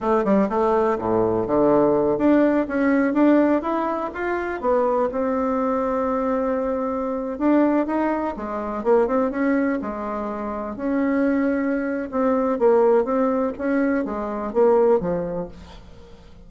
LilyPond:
\new Staff \with { instrumentName = "bassoon" } { \time 4/4 \tempo 4 = 124 a8 g8 a4 a,4 d4~ | d8 d'4 cis'4 d'4 e'8~ | e'8 f'4 b4 c'4.~ | c'2.~ c'16 d'8.~ |
d'16 dis'4 gis4 ais8 c'8 cis'8.~ | cis'16 gis2 cis'4.~ cis'16~ | cis'4 c'4 ais4 c'4 | cis'4 gis4 ais4 f4 | }